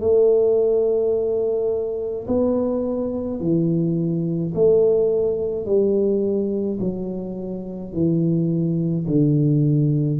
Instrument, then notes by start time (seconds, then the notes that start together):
tuba
0.00 A3
2.27 B3
3.40 E3
4.54 A3
5.66 G3
6.80 F#3
7.93 E3
9.07 D3